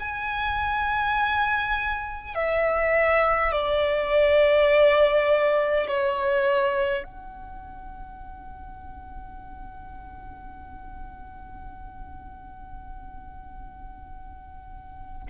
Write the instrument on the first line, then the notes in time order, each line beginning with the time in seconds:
violin
0.00 G#5
2.35 E5
3.52 D5
5.88 C#5
7.04 F#5